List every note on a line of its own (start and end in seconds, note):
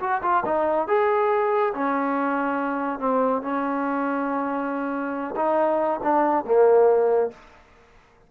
0.00 0.21 F#4
0.22 0.44 F4
0.45 0.87 D#4
0.87 1.73 G#4
1.74 2.99 C#4
2.99 3.42 C4
3.42 5.35 C#4
5.36 6.00 D#4
6.03 6.45 D4
6.45 7.31 A#3